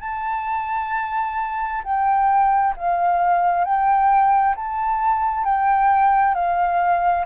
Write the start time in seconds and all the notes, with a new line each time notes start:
0.00 A5
1.83 G5
2.76 F5
3.64 G5
4.55 A5
5.44 G5
6.34 F5